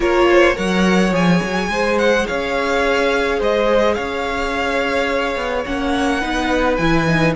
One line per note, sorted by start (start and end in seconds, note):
0.00 0.57 A#3
0.00 0.54 F4
0.00 0.27 A#4
0.00 0.57 C#5
0.29 0.56 C5
0.54 1.11 F#3
0.54 1.11 A#4
0.54 1.69 C#5
0.54 1.13 F#5
1.11 1.40 F3
1.11 5.64 G#4
1.11 1.98 G#5
1.43 1.68 F#3
1.68 2.24 G#3
1.68 2.27 C5
1.98 2.26 F#5
2.26 3.40 C#4
2.26 3.39 C#5
2.26 3.40 F5
3.39 3.97 G#3
3.39 3.95 C5
3.39 3.94 D#5
3.94 5.35 C#4
3.94 6.20 C#5
3.94 5.63 F5
5.35 5.64 B3
5.65 6.23 A#3
5.65 6.21 C#4
5.65 6.76 F#5
6.20 6.78 B3
6.20 6.78 D#4
6.20 7.33 B4
6.76 7.35 E3
6.76 7.07 E4
6.76 7.32 G#5
7.07 7.35 D#4